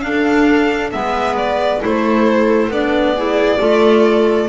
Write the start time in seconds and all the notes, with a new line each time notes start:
0.00 D4 A4 F5
0.91 G#3 B3 B4 E5
1.36 D5
1.80 A3 E4 A4 C5
2.68 B3 D4 D5
3.16 E4 G#4
3.59 A3 F4 A4